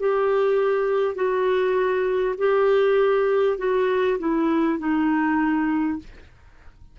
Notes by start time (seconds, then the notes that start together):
0.00 G4
1.16 F#4
2.38 G4
3.59 F#4
4.19 E4
4.79 D#4